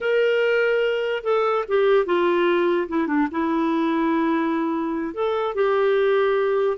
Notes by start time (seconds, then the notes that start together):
0.00 A#4
1.23 A4
1.68 G4
2.05 F4
2.88 E4
3.07 D4
3.31 E4
5.14 A4
5.55 G4